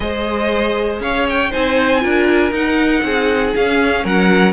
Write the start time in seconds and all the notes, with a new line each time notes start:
0.00 G#3 G#4 C5 D#5
1.00 C#4 C#5 F5
1.29 G5
1.50 C4 D#4 C5 G#5
2.00 D4 F4 A#4
2.51 D#4 F#5
3.02 C4 G#4
3.54 C#4 F5
4.04 F#3 A#4 F#5